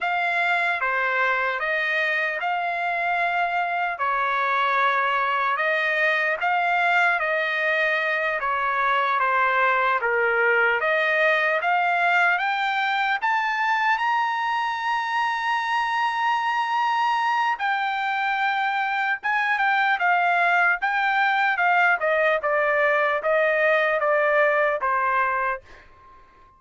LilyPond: \new Staff \with { instrumentName = "trumpet" } { \time 4/4 \tempo 4 = 75 f''4 c''4 dis''4 f''4~ | f''4 cis''2 dis''4 | f''4 dis''4. cis''4 c''8~ | c''8 ais'4 dis''4 f''4 g''8~ |
g''8 a''4 ais''2~ ais''8~ | ais''2 g''2 | gis''8 g''8 f''4 g''4 f''8 dis''8 | d''4 dis''4 d''4 c''4 | }